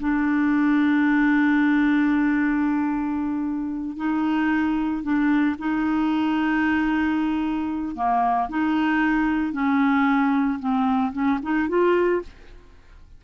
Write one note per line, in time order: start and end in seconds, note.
0.00 3.97 D4
3.97 5.03 D#4
5.03 5.56 D4
5.59 7.96 D#4
7.96 8.49 A#3
8.50 9.53 D#4
9.53 10.59 C#4
10.60 11.13 C4
11.13 11.39 C#4
11.43 11.69 D#4
11.69 12.22 F4